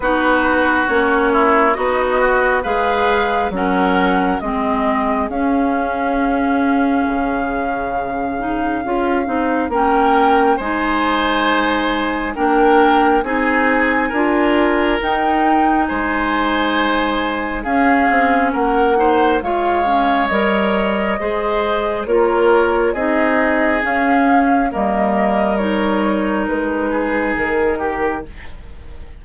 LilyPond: <<
  \new Staff \with { instrumentName = "flute" } { \time 4/4 \tempo 4 = 68 b'4 cis''4 dis''4 f''4 | fis''4 dis''4 f''2~ | f''2. g''4 | gis''2 g''4 gis''4~ |
gis''4 g''4 gis''2 | f''4 fis''4 f''4 dis''4~ | dis''4 cis''4 dis''4 f''4 | dis''4 cis''4 b'4 ais'4 | }
  \new Staff \with { instrumentName = "oboe" } { \time 4/4 fis'4. e'8 dis'8 fis'8 b'4 | ais'4 gis'2.~ | gis'2. ais'4 | c''2 ais'4 gis'4 |
ais'2 c''2 | gis'4 ais'8 c''8 cis''2 | c''4 ais'4 gis'2 | ais'2~ ais'8 gis'4 g'8 | }
  \new Staff \with { instrumentName = "clarinet" } { \time 4/4 dis'4 cis'4 fis'4 gis'4 | cis'4 c'4 cis'2~ | cis'4. dis'8 f'8 dis'8 cis'4 | dis'2 d'4 dis'4 |
f'4 dis'2. | cis'4. dis'8 f'8 cis'8 ais'4 | gis'4 f'4 dis'4 cis'4 | ais4 dis'2. | }
  \new Staff \with { instrumentName = "bassoon" } { \time 4/4 b4 ais4 b4 gis4 | fis4 gis4 cis'2 | cis2 cis'8 c'8 ais4 | gis2 ais4 c'4 |
d'4 dis'4 gis2 | cis'8 c'8 ais4 gis4 g4 | gis4 ais4 c'4 cis'4 | g2 gis4 dis4 | }
>>